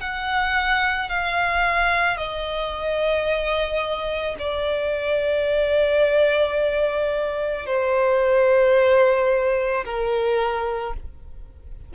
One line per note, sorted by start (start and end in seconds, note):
0.00 1.09 F#5
1.09 2.17 F5
2.17 4.35 D#5
4.38 7.66 D5
7.66 9.84 C5
9.84 10.93 A#4